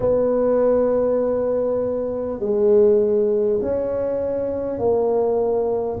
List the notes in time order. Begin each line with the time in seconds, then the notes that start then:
0.00 B3
2.39 G#3
3.61 C#4
4.78 A#3